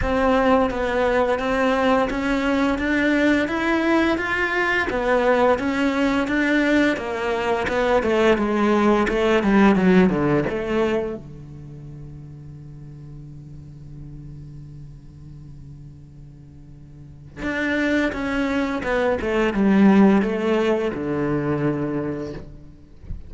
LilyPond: \new Staff \with { instrumentName = "cello" } { \time 4/4 \tempo 4 = 86 c'4 b4 c'4 cis'4 | d'4 e'4 f'4 b4 | cis'4 d'4 ais4 b8 a8 | gis4 a8 g8 fis8 d8 a4 |
d1~ | d1~ | d4 d'4 cis'4 b8 a8 | g4 a4 d2 | }